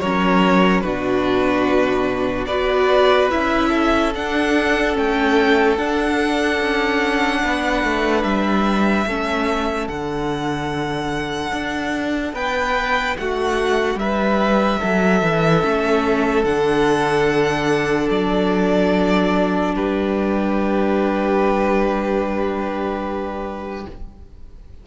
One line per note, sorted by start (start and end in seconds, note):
0.00 0.83 F#3
0.00 0.85 C#4
0.00 0.83 A#4
0.00 0.81 C#5
0.81 2.47 B2
0.81 2.49 D4
0.81 2.48 F#4
0.81 2.45 B4
2.46 3.29 B3
2.46 3.30 F#4
2.46 3.69 B4
2.46 3.28 D5
3.30 4.15 C#4
3.30 4.13 E4
3.30 4.13 E5
3.69 7.39 A4
4.15 4.97 D4
4.15 4.94 D4
4.15 4.97 F#5
4.94 5.77 A3
4.94 5.76 C#4
4.94 5.78 G5
5.77 6.59 D4
5.77 9.07 D4
5.77 8.24 F#5
6.61 7.43 C#4
7.44 7.83 B3
7.44 9.07 B4
7.83 8.23 A3
8.23 9.06 G3
8.23 9.88 E5
9.06 9.88 A3
9.06 9.89 C#4
9.06 12.35 A4
9.88 11.52 D3
9.88 15.62 D4
9.88 12.34 F#5
11.52 12.33 D4
12.33 13.15 B3
12.33 13.17 B4
12.33 13.17 G5
13.17 13.95 A3
13.17 14.00 F#4
13.17 13.99 F#5
13.95 14.77 G3
13.95 14.80 B4
13.95 16.45 E5
14.80 15.22 F#3
14.80 19.73 A4
15.22 15.63 E3
15.62 16.44 A3
15.62 16.45 C#4
16.44 18.08 D3
16.44 23.86 D4
16.44 18.09 F#5
18.10 19.75 F#3
18.10 19.75 D5
19.75 23.86 G3
19.75 23.87 G4
19.75 23.86 B4